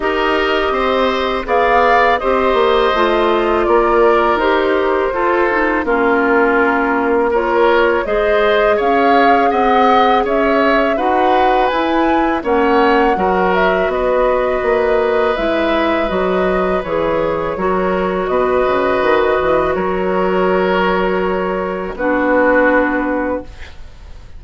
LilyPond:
<<
  \new Staff \with { instrumentName = "flute" } { \time 4/4 \tempo 4 = 82 dis''2 f''4 dis''4~ | dis''4 d''4 c''2 | ais'2 cis''4 dis''4 | f''4 fis''4 e''4 fis''4 |
gis''4 fis''4. e''8 dis''4~ | dis''4 e''4 dis''4 cis''4~ | cis''4 dis''2 cis''4~ | cis''2 b'2 | }
  \new Staff \with { instrumentName = "oboe" } { \time 4/4 ais'4 c''4 d''4 c''4~ | c''4 ais'2 a'4 | f'2 ais'4 c''4 | cis''4 dis''4 cis''4 b'4~ |
b'4 cis''4 ais'4 b'4~ | b'1 | ais'4 b'2 ais'4~ | ais'2 fis'2 | }
  \new Staff \with { instrumentName = "clarinet" } { \time 4/4 g'2 gis'4 g'4 | f'2 g'4 f'8 dis'8 | cis'2 f'4 gis'4~ | gis'2. fis'4 |
e'4 cis'4 fis'2~ | fis'4 e'4 fis'4 gis'4 | fis'1~ | fis'2 d'2 | }
  \new Staff \with { instrumentName = "bassoon" } { \time 4/4 dis'4 c'4 b4 c'8 ais8 | a4 ais4 dis'4 f'4 | ais2. gis4 | cis'4 c'4 cis'4 dis'4 |
e'4 ais4 fis4 b4 | ais4 gis4 fis4 e4 | fis4 b,8 cis8 dis8 e8 fis4~ | fis2 b2 | }
>>